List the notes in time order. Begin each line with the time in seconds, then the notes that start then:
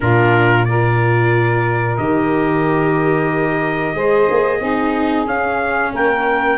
0.00 A#2 D4 F4 A#4
0.64 F4 A#4 D5
1.97 D#3 G4 D#5
3.93 G#3 G#4 C5
4.30 A#3
4.59 C4 D#4 G#4
5.26 C#4 F5
5.93 A#3 A#4 G5